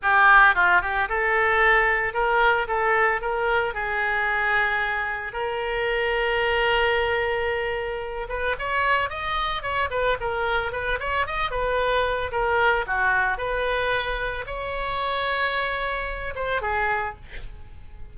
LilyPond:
\new Staff \with { instrumentName = "oboe" } { \time 4/4 \tempo 4 = 112 g'4 f'8 g'8 a'2 | ais'4 a'4 ais'4 gis'4~ | gis'2 ais'2~ | ais'2.~ ais'8 b'8 |
cis''4 dis''4 cis''8 b'8 ais'4 | b'8 cis''8 dis''8 b'4. ais'4 | fis'4 b'2 cis''4~ | cis''2~ cis''8 c''8 gis'4 | }